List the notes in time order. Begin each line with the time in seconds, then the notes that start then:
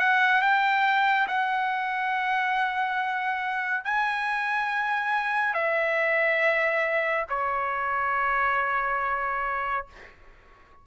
0.00 F#5
0.42 G5
1.28 F#5
3.85 G#5
5.55 E5
7.30 C#5